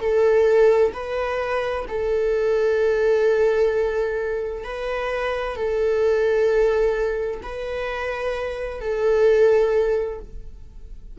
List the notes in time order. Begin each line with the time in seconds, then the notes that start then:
0.00 A4
0.93 B4
1.88 A4
4.64 B4
5.56 A4
7.42 B4
8.80 A4